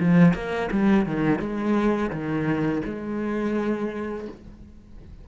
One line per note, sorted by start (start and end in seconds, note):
0.00 0.34 F3
0.34 0.69 A#3
0.71 1.06 G3
1.06 1.39 D#3
1.39 2.10 G#3
2.10 2.81 D#3
2.85 4.28 G#3